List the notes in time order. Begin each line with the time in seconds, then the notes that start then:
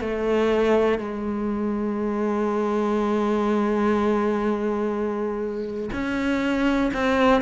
0.00 A3
0.98 G#3
5.92 C#4
6.93 C4